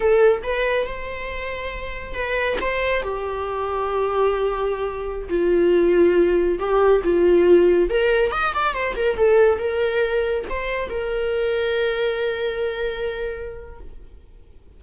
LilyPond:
\new Staff \with { instrumentName = "viola" } { \time 4/4 \tempo 4 = 139 a'4 b'4 c''2~ | c''4 b'4 c''4 g'4~ | g'1~ | g'16 f'2. g'8.~ |
g'16 f'2 ais'4 dis''8 d''16~ | d''16 c''8 ais'8 a'4 ais'4.~ ais'16~ | ais'16 c''4 ais'2~ ais'8.~ | ais'1 | }